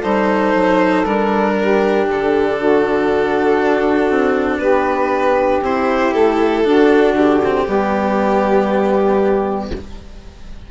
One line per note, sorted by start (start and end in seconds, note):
0.00 0.54 G3
0.00 1.04 D#4
0.00 1.53 A4
0.00 1.04 C5
0.54 1.05 F#3
1.05 2.07 G3
1.05 5.63 D4
1.05 2.06 A#4
1.59 2.58 G4
2.07 3.60 D3
2.07 4.58 A4
2.58 4.59 F#4
3.60 4.10 D4
4.10 4.58 C4
4.58 5.59 B3
4.58 6.62 G4
4.58 5.60 B4
5.61 6.12 C4
5.61 6.64 E4
5.61 6.13 C5
6.13 6.65 A3
6.13 7.15 A4
6.64 7.40 D4
6.64 7.13 D4
6.64 7.64 F#4
7.13 7.64 D3
7.13 9.70 G4
7.44 7.67 C4
7.64 9.71 G3
7.64 9.71 B3
7.64 9.68 G4